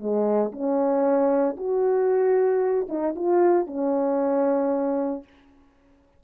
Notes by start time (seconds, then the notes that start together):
0.00 G#3
0.52 C#4
1.57 F#4
2.89 D#4
3.16 F4
3.67 C#4